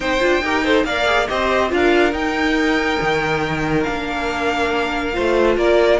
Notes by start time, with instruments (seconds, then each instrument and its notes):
0.00 cello C4, viola D#4, violin C5 G5
0.20 cello D4, viola F4
0.42 cello D#4, viola G4, violin A#4
0.64 viola A4, violin C5
0.84 cello A#3, viola A#4, violin D5 F5
1.05 viola G#4
1.28 cello C4, viola G4, violin C5 D#5
1.69 cello D4, viola F4, violin F5
1.75 violin A#4
2.11 viola D#4, cello D#4, violin G5
3.01 cello D#3
3.82 cello A#3, viola D4, violin F5
5.13 cello A3, viola F4, violin C5
5.57 cello A#3, violin A#4 D5